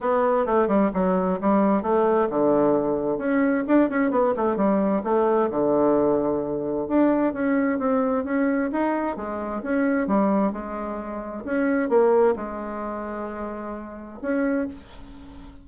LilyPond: \new Staff \with { instrumentName = "bassoon" } { \time 4/4 \tempo 4 = 131 b4 a8 g8 fis4 g4 | a4 d2 cis'4 | d'8 cis'8 b8 a8 g4 a4 | d2. d'4 |
cis'4 c'4 cis'4 dis'4 | gis4 cis'4 g4 gis4~ | gis4 cis'4 ais4 gis4~ | gis2. cis'4 | }